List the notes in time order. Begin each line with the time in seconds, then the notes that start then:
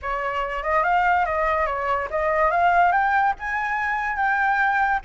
0.02 C#5
0.63 D#5
0.83 F5
1.25 D#5
1.66 C#5
2.10 D#5
2.50 F5
2.91 G5
3.39 G#5
4.16 G5